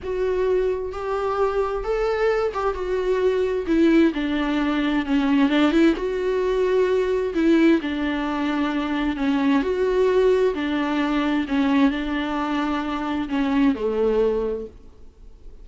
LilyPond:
\new Staff \with { instrumentName = "viola" } { \time 4/4 \tempo 4 = 131 fis'2 g'2 | a'4. g'8 fis'2 | e'4 d'2 cis'4 | d'8 e'8 fis'2. |
e'4 d'2. | cis'4 fis'2 d'4~ | d'4 cis'4 d'2~ | d'4 cis'4 a2 | }